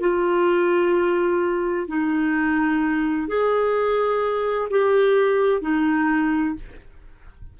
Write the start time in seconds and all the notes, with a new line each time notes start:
0.00 F4
1.87 D#4
3.28 G#4
4.70 G4
5.61 D#4